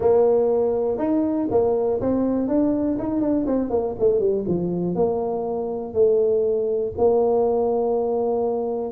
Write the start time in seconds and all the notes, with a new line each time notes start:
0.00 A#3
0.98 D#4
1.50 A#3
2.01 C4
2.48 D4
2.99 D#4
3.20 D4
3.46 C4
3.69 A#3
3.99 A3
4.19 G3
4.47 F3
4.95 A#3
5.93 A3
6.97 A#3